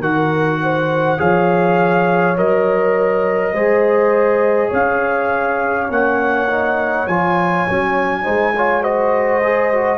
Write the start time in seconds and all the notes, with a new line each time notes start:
0.00 D#3 F#4 A#4 F#5
0.63 C5
1.18 F3 G#4 C#5 F5
2.37 F#3 A#4 D#5
3.53 G#3 G#4 C5
4.69 C#4 C#5 F5
5.89 A#3 C#4 F#5
6.49 D#4
7.07 F3 F4 G#5
7.68 F#3 C#4
8.24 G#3 D#4 C5
8.56 F4 C#5
8.82 F#4 C5 D#5
9.44 G#4
9.74 F#4